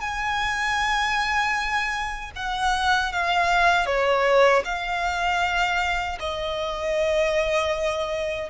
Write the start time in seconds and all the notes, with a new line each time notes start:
0.00 G#5
2.35 F#5
3.12 F5
3.86 C#5
4.65 F5
6.19 D#5